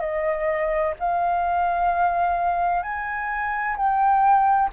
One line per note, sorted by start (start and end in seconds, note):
0.00 0.94 D#5
0.99 2.83 F5
2.83 3.76 G#5
3.76 4.70 G5